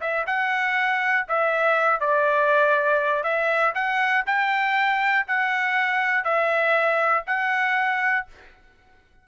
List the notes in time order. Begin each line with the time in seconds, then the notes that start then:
0.00 E5
0.26 F#5
1.28 E5
2.00 D5
3.23 E5
3.74 F#5
4.26 G5
5.27 F#5
6.24 E5
7.26 F#5